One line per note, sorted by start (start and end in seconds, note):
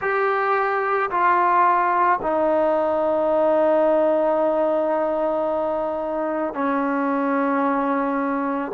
0.00 1.10 G4
1.10 2.19 F4
2.22 6.54 D#4
6.54 8.72 C#4